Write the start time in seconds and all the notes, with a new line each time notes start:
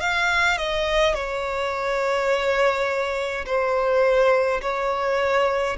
0.00 F5
0.57 D#5
1.14 C#5
3.45 C5
4.61 C#5